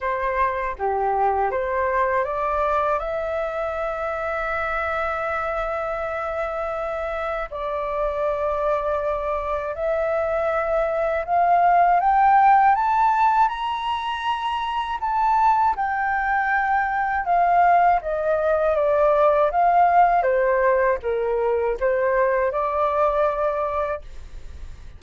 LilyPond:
\new Staff \with { instrumentName = "flute" } { \time 4/4 \tempo 4 = 80 c''4 g'4 c''4 d''4 | e''1~ | e''2 d''2~ | d''4 e''2 f''4 |
g''4 a''4 ais''2 | a''4 g''2 f''4 | dis''4 d''4 f''4 c''4 | ais'4 c''4 d''2 | }